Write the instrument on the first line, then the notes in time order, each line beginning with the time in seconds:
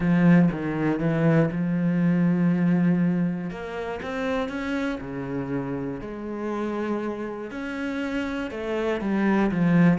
cello
0.00 F3
0.51 D#3
0.99 E3
1.51 F3
3.50 A#3
4.02 C4
4.48 C#4
5.00 C#3
6.00 G#3
7.50 C#4
8.50 A3
9.00 G3
9.51 F3